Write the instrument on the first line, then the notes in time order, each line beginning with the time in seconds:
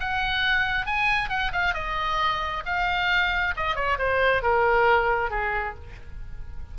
oboe
0.00 F#5
0.86 G#5
1.29 F#5
1.52 F5
1.74 D#5
2.65 F5
3.56 D#5
3.75 C#5
3.98 C5
4.42 A#4
5.31 G#4